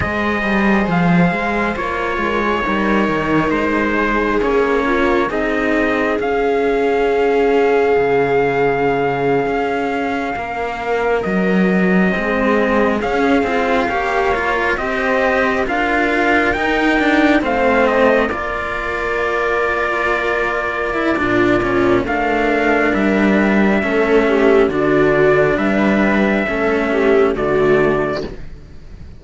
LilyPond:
<<
  \new Staff \with { instrumentName = "trumpet" } { \time 4/4 \tempo 4 = 68 dis''4 f''4 cis''2 | c''4 cis''4 dis''4 f''4~ | f''1~ | f''8. dis''2 f''4~ f''16~ |
f''8. dis''4 f''4 g''4 f''16~ | f''16 dis''8 d''2.~ d''16~ | d''4 f''4 e''2 | d''4 e''2 d''4 | }
  \new Staff \with { instrumentName = "viola" } { \time 4/4 c''2~ c''8 ais'16 gis'16 ais'4~ | ais'8 gis'4 f'8 gis'2~ | gis'2.~ gis'8. ais'16~ | ais'4.~ ais'16 gis'2 cis''16~ |
cis''8. c''4 ais'2 c''16~ | c''8. ais'2.~ ais'16 | f'4 ais'2 a'8 g'8 | fis'4 b'4 a'8 g'8 fis'4 | }
  \new Staff \with { instrumentName = "cello" } { \time 4/4 gis'2 f'4 dis'4~ | dis'4 cis'4 dis'4 cis'4~ | cis'1~ | cis'4.~ cis'16 c'4 cis'8 f'8 g'16~ |
g'16 f'8 g'4 f'4 dis'8 d'8 c'16~ | c'8. f'2. e'16 | d'8 cis'8 d'2 cis'4 | d'2 cis'4 a4 | }
  \new Staff \with { instrumentName = "cello" } { \time 4/4 gis8 g8 f8 gis8 ais8 gis8 g8 dis8 | gis4 ais4 c'4 cis'4~ | cis'4 cis4.~ cis16 cis'4 ais16~ | ais8. fis4 gis4 cis'8 c'8 ais16~ |
ais8. c'4 d'4 dis'4 a16~ | a8. ais2.~ ais16 | ais,4 a4 g4 a4 | d4 g4 a4 d4 | }
>>